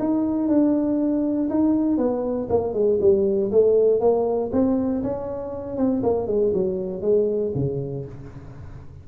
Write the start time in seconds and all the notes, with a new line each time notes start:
0.00 D#4
0.49 D4
1.50 D#4
1.98 B3
2.50 A#3
2.74 G#3
3.01 G3
3.52 A3
4.01 A#3
4.53 C4
5.04 C#4
5.77 C4
6.03 A#3
6.28 G#3
6.54 F#3
7.02 G#3
7.56 C#3